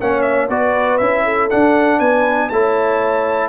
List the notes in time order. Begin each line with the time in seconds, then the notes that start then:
0.00 A#3 C#4 C#5 F#5
0.21 E5
0.48 B3 F#4 B4 D5
0.97 C#4 E4 E5
1.24 A4
1.50 D4 F#5
1.98 B3 B4 G#5
2.49 A3 E4 C#5 A5